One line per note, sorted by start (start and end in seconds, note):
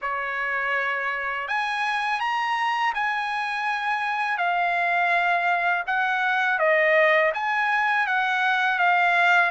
0.01 1.47 C#5
1.47 2.20 G#5
2.20 2.93 A#5
2.94 4.37 G#5
4.37 5.84 F5
5.86 6.59 F#5
6.59 7.32 D#5
7.34 8.06 G#5
8.06 8.78 F#5
8.78 9.50 F5